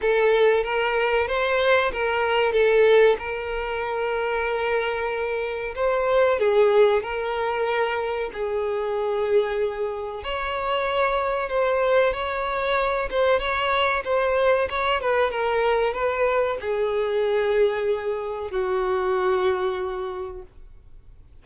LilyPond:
\new Staff \with { instrumentName = "violin" } { \time 4/4 \tempo 4 = 94 a'4 ais'4 c''4 ais'4 | a'4 ais'2.~ | ais'4 c''4 gis'4 ais'4~ | ais'4 gis'2. |
cis''2 c''4 cis''4~ | cis''8 c''8 cis''4 c''4 cis''8 b'8 | ais'4 b'4 gis'2~ | gis'4 fis'2. | }